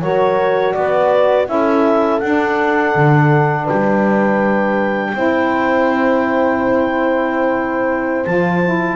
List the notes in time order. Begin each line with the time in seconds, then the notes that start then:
0.00 F#3 F#4 A#4 C#5
0.73 B3 B4 D5
1.46 C#4 E4 A4 E5
2.19 D4 F#5
2.95 D3
3.64 B4 G5
3.71 G3
5.14 C4 E4 C5
8.25 F3 F4 A5
8.64 E4